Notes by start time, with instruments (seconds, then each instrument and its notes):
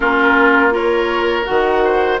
0.00 bassoon A#3, clarinet C#4, oboe F4, flute A#4
0.70 clarinet F4, oboe A#4, flute C#5
1.44 bassoon D#3, clarinet F#4, flute F#5
1.84 oboe C5